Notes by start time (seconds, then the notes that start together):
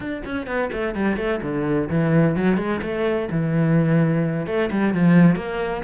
0.00 D4
0.25 C#4
0.46 B3
0.72 A3
0.94 G3
1.16 A3
1.42 D3
1.89 E3
2.36 F#3
2.57 G#3
2.81 A3
3.31 E3
4.46 A3
4.71 G3
4.94 F3
5.35 A#3